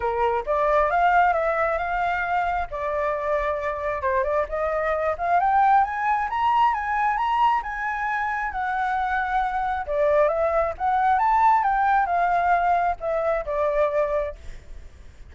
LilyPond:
\new Staff \with { instrumentName = "flute" } { \time 4/4 \tempo 4 = 134 ais'4 d''4 f''4 e''4 | f''2 d''2~ | d''4 c''8 d''8 dis''4. f''8 | g''4 gis''4 ais''4 gis''4 |
ais''4 gis''2 fis''4~ | fis''2 d''4 e''4 | fis''4 a''4 g''4 f''4~ | f''4 e''4 d''2 | }